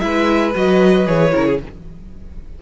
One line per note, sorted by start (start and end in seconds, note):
0.00 0.55 G#3
0.00 0.53 E4
0.00 1.35 B4
0.00 0.52 E5
0.55 1.07 F#3
0.55 1.06 F#4
0.55 1.07 D#5
1.06 1.33 E3
1.06 1.32 G#4
1.06 1.60 C#5
1.32 1.62 C#3
1.32 1.58 E4
1.32 1.46 A#4
1.46 1.59 G#4